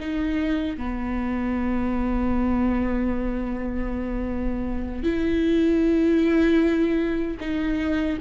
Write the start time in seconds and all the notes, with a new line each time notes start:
0.00 D#4
0.78 B3
5.04 E4
7.40 D#4